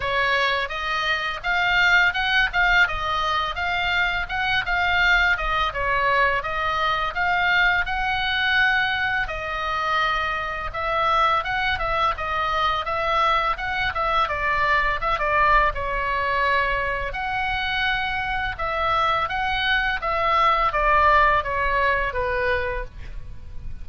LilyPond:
\new Staff \with { instrumentName = "oboe" } { \time 4/4 \tempo 4 = 84 cis''4 dis''4 f''4 fis''8 f''8 | dis''4 f''4 fis''8 f''4 dis''8 | cis''4 dis''4 f''4 fis''4~ | fis''4 dis''2 e''4 |
fis''8 e''8 dis''4 e''4 fis''8 e''8 | d''4 e''16 d''8. cis''2 | fis''2 e''4 fis''4 | e''4 d''4 cis''4 b'4 | }